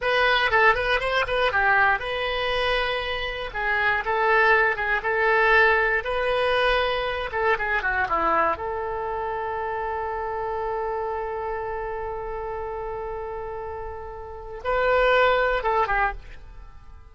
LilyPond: \new Staff \with { instrumentName = "oboe" } { \time 4/4 \tempo 4 = 119 b'4 a'8 b'8 c''8 b'8 g'4 | b'2. gis'4 | a'4. gis'8 a'2 | b'2~ b'8 a'8 gis'8 fis'8 |
e'4 a'2.~ | a'1~ | a'1~ | a'4 b'2 a'8 g'8 | }